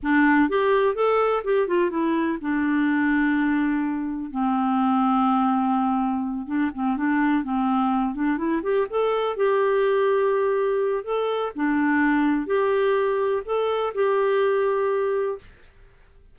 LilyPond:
\new Staff \with { instrumentName = "clarinet" } { \time 4/4 \tempo 4 = 125 d'4 g'4 a'4 g'8 f'8 | e'4 d'2.~ | d'4 c'2.~ | c'4. d'8 c'8 d'4 c'8~ |
c'4 d'8 e'8 g'8 a'4 g'8~ | g'2. a'4 | d'2 g'2 | a'4 g'2. | }